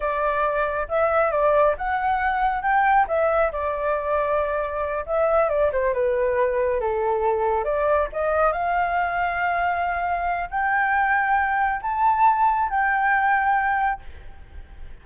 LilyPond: \new Staff \with { instrumentName = "flute" } { \time 4/4 \tempo 4 = 137 d''2 e''4 d''4 | fis''2 g''4 e''4 | d''2.~ d''8 e''8~ | e''8 d''8 c''8 b'2 a'8~ |
a'4. d''4 dis''4 f''8~ | f''1 | g''2. a''4~ | a''4 g''2. | }